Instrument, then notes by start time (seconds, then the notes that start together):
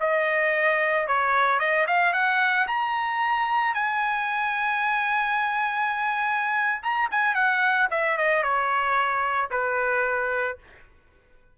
trumpet
0.00 D#5
1.07 C#5
1.59 D#5
1.87 F5
2.13 F#5
2.67 A#5
3.74 G#5
6.82 A#5
7.11 G#5
7.34 F#5
7.90 E5
8.17 D#5
8.43 C#5
9.50 B4